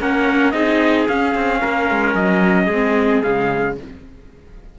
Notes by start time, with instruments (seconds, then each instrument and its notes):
0.00 cello A#3, viola C#4, trumpet A#4 F#5
0.51 cello C4, viola D#4, trumpet G#4 D#5
1.08 cello C#4, viola C#4, trumpet F5
1.35 cello C4
1.61 cello A#3, trumpet A#4
1.90 cello G#3
2.14 cello F#3, trumpet D#5
2.66 cello G#3, trumpet G#4
2.72 viola C4
3.23 cello C#3, viola G#3, trumpet F5